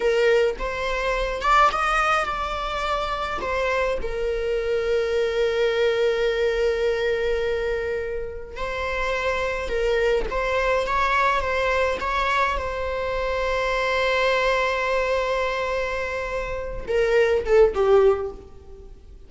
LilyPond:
\new Staff \with { instrumentName = "viola" } { \time 4/4 \tempo 4 = 105 ais'4 c''4. d''8 dis''4 | d''2 c''4 ais'4~ | ais'1~ | ais'2. c''4~ |
c''4 ais'4 c''4 cis''4 | c''4 cis''4 c''2~ | c''1~ | c''4. ais'4 a'8 g'4 | }